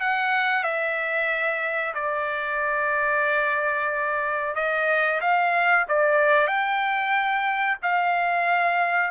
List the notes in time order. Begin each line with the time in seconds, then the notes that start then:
0.00 F#5
0.63 E5
1.94 D5
4.55 D#5
5.21 F5
5.88 D5
6.47 G5
7.82 F5